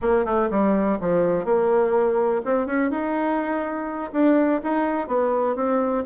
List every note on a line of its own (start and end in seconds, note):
0.01 0.25 A#3
0.25 0.49 A3
0.50 0.98 G3
1.00 1.44 F3
1.44 2.41 A#3
2.44 2.66 C4
2.66 2.90 C#4
2.90 4.11 D#4
4.12 4.60 D4
4.63 5.07 D#4
5.07 5.55 B3
5.55 6.04 C4